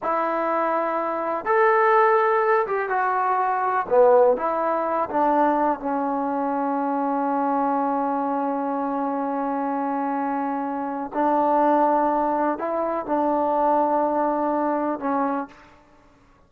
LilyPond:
\new Staff \with { instrumentName = "trombone" } { \time 4/4 \tempo 4 = 124 e'2. a'4~ | a'4. g'8 fis'2 | b4 e'4. d'4. | cis'1~ |
cis'1~ | cis'2. d'4~ | d'2 e'4 d'4~ | d'2. cis'4 | }